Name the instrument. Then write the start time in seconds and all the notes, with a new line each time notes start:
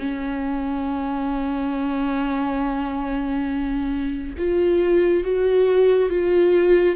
viola
0.00 C#4
4.38 F4
5.24 F#4
6.10 F4